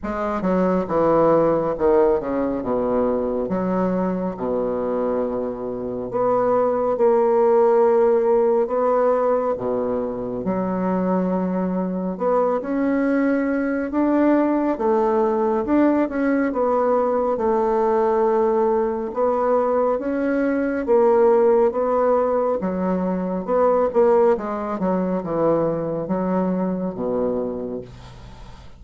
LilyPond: \new Staff \with { instrumentName = "bassoon" } { \time 4/4 \tempo 4 = 69 gis8 fis8 e4 dis8 cis8 b,4 | fis4 b,2 b4 | ais2 b4 b,4 | fis2 b8 cis'4. |
d'4 a4 d'8 cis'8 b4 | a2 b4 cis'4 | ais4 b4 fis4 b8 ais8 | gis8 fis8 e4 fis4 b,4 | }